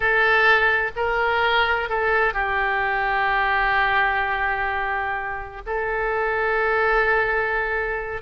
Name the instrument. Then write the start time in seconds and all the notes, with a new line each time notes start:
oboe
0.00 A4
0.95 A#4
1.89 A4
2.33 G4
5.66 A4